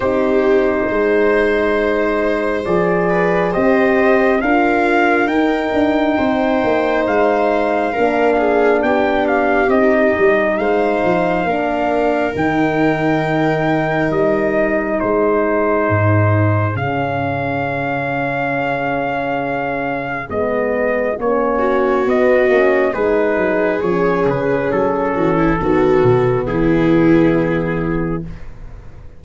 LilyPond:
<<
  \new Staff \with { instrumentName = "trumpet" } { \time 4/4 \tempo 4 = 68 c''2. d''4 | dis''4 f''4 g''2 | f''2 g''8 f''8 dis''4 | f''2 g''2 |
dis''4 c''2 f''4~ | f''2. dis''4 | cis''4 dis''4 b'4 cis''8 b'8 | a'2 gis'2 | }
  \new Staff \with { instrumentName = "viola" } { \time 4/4 g'4 c''2~ c''8 b'8 | c''4 ais'2 c''4~ | c''4 ais'8 gis'8 g'2 | c''4 ais'2.~ |
ais'4 gis'2.~ | gis'1~ | gis'8 fis'4. gis'2~ | gis'8 fis'16 e'16 fis'4 e'2 | }
  \new Staff \with { instrumentName = "horn" } { \time 4/4 dis'2. gis'4 | g'4 f'4 dis'2~ | dis'4 d'2 dis'4~ | dis'4 d'4 dis'2~ |
dis'2. cis'4~ | cis'2. b4 | cis'4 b8 cis'8 dis'4 cis'4~ | cis'4 b2. | }
  \new Staff \with { instrumentName = "tuba" } { \time 4/4 c'4 gis2 f4 | c'4 d'4 dis'8 d'8 c'8 ais8 | gis4 ais4 b4 c'8 g8 | gis8 f8 ais4 dis2 |
g4 gis4 gis,4 cis4~ | cis2. gis4 | ais4 b8 ais8 gis8 fis8 f8 cis8 | fis8 e8 dis8 b,8 e2 | }
>>